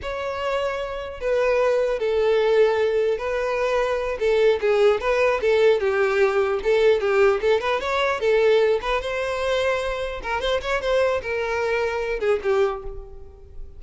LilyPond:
\new Staff \with { instrumentName = "violin" } { \time 4/4 \tempo 4 = 150 cis''2. b'4~ | b'4 a'2. | b'2~ b'8 a'4 gis'8~ | gis'8 b'4 a'4 g'4.~ |
g'8 a'4 g'4 a'8 b'8 cis''8~ | cis''8 a'4. b'8 c''4.~ | c''4. ais'8 c''8 cis''8 c''4 | ais'2~ ais'8 gis'8 g'4 | }